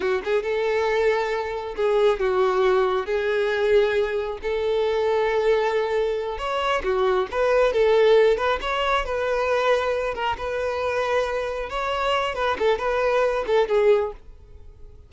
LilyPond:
\new Staff \with { instrumentName = "violin" } { \time 4/4 \tempo 4 = 136 fis'8 gis'8 a'2. | gis'4 fis'2 gis'4~ | gis'2 a'2~ | a'2~ a'8 cis''4 fis'8~ |
fis'8 b'4 a'4. b'8 cis''8~ | cis''8 b'2~ b'8 ais'8 b'8~ | b'2~ b'8 cis''4. | b'8 a'8 b'4. a'8 gis'4 | }